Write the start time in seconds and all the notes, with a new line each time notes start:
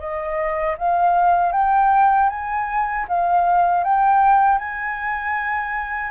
0.00 D#5
0.78 F5
1.53 G5
2.30 G#5
3.09 F5
3.84 G5
4.59 G#5